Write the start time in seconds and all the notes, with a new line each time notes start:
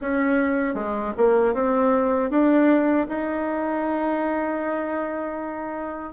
0.01 C#4
0.74 G#3
1.17 A#3
1.54 C4
2.30 D4
3.08 D#4